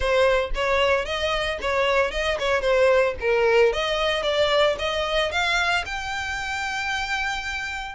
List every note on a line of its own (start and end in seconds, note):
0.00 0.50 C5
0.54 1.05 C#5
1.05 1.58 D#5
1.61 2.11 C#5
2.11 2.37 D#5
2.39 2.61 C#5
2.61 3.14 C5
3.20 3.72 A#4
3.72 4.23 D#5
4.23 4.76 D5
4.78 5.31 D#5
5.31 5.84 F5
5.85 7.95 G5